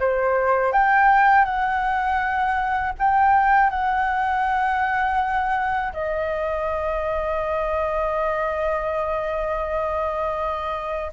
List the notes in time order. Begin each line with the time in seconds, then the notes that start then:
0.00 C5
0.73 G5
1.45 F#5
2.99 G5
3.70 F#5
5.93 D#5